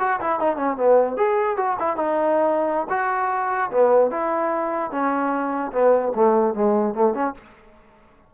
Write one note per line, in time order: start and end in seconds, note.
0.00 0.20 F#4
0.21 0.40 E4
0.40 0.57 D#4
0.57 0.77 C#4
0.77 1.17 B3
1.17 1.57 G#4
1.57 1.77 F#4
1.80 1.97 E4
1.97 2.87 D#4
2.90 3.71 F#4
3.71 4.11 B3
4.11 4.91 E4
4.91 5.72 C#4
5.72 6.13 B3
6.16 6.55 A3
6.55 6.95 G#3
6.95 7.14 A3
7.14 7.34 C#4